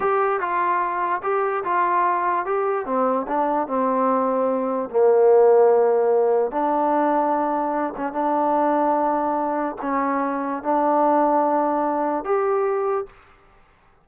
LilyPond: \new Staff \with { instrumentName = "trombone" } { \time 4/4 \tempo 4 = 147 g'4 f'2 g'4 | f'2 g'4 c'4 | d'4 c'2. | ais1 |
d'2.~ d'8 cis'8 | d'1 | cis'2 d'2~ | d'2 g'2 | }